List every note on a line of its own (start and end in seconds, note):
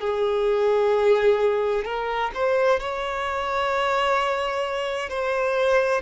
0.00 1.85 G#4
1.85 2.31 A#4
2.34 2.80 C5
2.80 5.09 C#5
5.09 6.02 C5